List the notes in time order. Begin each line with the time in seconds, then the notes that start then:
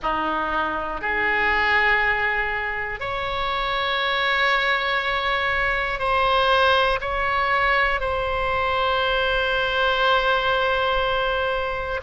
0.02 D#4
1.00 G#4
3.00 C#5
5.99 C5
7.00 C#5
8.00 C5